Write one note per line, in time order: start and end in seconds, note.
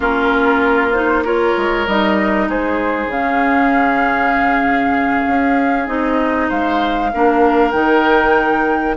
0.00 1.53 A#3
0.00 0.91 C#4
0.00 1.23 F4
0.00 0.92 A#4
0.92 1.24 D#4
0.92 1.23 C5
1.24 1.86 F4
1.24 2.48 A#4
1.24 1.87 C#5
1.56 1.86 G#3
1.86 2.48 G3
1.86 3.10 D#4
1.86 2.49 D#5
2.48 3.06 G#3
2.48 6.48 G#4
2.48 3.10 C5
3.06 5.23 C#3
3.06 5.86 C#4
3.06 5.87 F5
5.27 5.87 C#4
5.86 6.49 C4
5.86 7.10 D#4
5.86 6.49 D#5
6.48 7.12 G#3
6.48 7.10 C5
6.48 7.71 F5
7.13 7.73 A#3
7.13 7.72 D4
7.13 8.96 A#4
7.71 8.96 D#3
7.71 8.96 D#4
7.71 8.94 G5